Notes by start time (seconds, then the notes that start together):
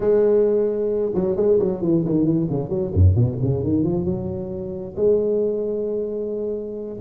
0.00 G#3
1.14 F#3
1.36 G#3
1.59 F#3
1.81 E3
2.05 D#3
2.25 E3
2.50 C#3
2.69 F#3
2.93 F#2
3.15 B2
3.41 C#3
3.63 D#3
3.83 F3
4.04 F#3
4.96 G#3